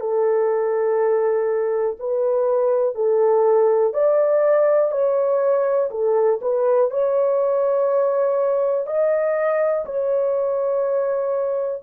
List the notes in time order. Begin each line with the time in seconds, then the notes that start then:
0.00 A4
1.99 B4
2.95 A4
3.93 D5
4.91 C#5
5.90 A4
6.41 B4
6.90 C#5
8.86 D#5
9.85 C#5